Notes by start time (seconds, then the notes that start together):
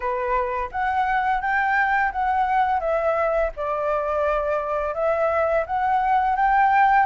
0.00 B4
0.71 F#5
1.41 G5
2.12 F#5
2.79 E5
3.56 D5
4.94 E5
5.66 F#5
6.35 G5